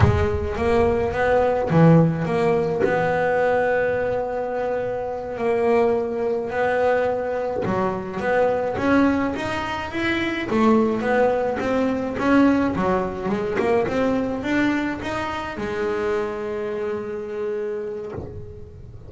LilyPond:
\new Staff \with { instrumentName = "double bass" } { \time 4/4 \tempo 4 = 106 gis4 ais4 b4 e4 | ais4 b2.~ | b4. ais2 b8~ | b4. fis4 b4 cis'8~ |
cis'8 dis'4 e'4 a4 b8~ | b8 c'4 cis'4 fis4 gis8 | ais8 c'4 d'4 dis'4 gis8~ | gis1 | }